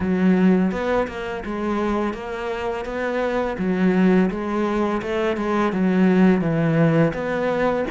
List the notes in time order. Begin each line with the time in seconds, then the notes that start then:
0.00 F#3
0.71 B3
1.07 A#3
1.45 G#3
2.13 A#3
2.85 B3
3.58 F#3
4.30 G#3
5.02 A3
5.36 G#3
5.72 F#3
6.41 E3
7.13 B3